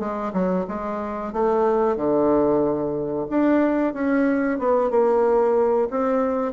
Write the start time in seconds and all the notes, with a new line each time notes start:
0.00 G#3
0.34 F#3
0.68 G#3
1.33 A3
1.97 D3
3.30 D4
3.94 C#4
4.59 B3
4.91 A#3
5.91 C4